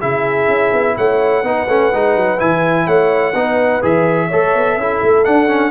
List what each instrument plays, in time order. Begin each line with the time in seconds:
0.00 tuba C#3, trombone E4, horn G#4, trumpet E5
0.49 tuba C#4
0.73 tuba B3
0.98 tuba A3, horn C#5, trumpet F#5
1.44 tuba B3, trombone D#4, horn B4
1.68 tuba A3, trombone C#4
1.94 tuba G#3, trombone D#4
2.17 tuba F#3
2.39 tuba E3, trombone E4, trumpet G#5
2.87 tuba A3, horn C#5, trumpet F#5
3.34 tuba B3, trombone D#4, horn B4
3.82 tuba E3, trombone G#4, trumpet E5
4.28 tuba A3, trombone A4, horn C#5
4.55 tuba B3
4.77 tuba C#4, trombone E4, horn A4
5.03 tuba A3
5.25 trombone D4, tuba D4, trumpet F#5
5.48 trombone C#4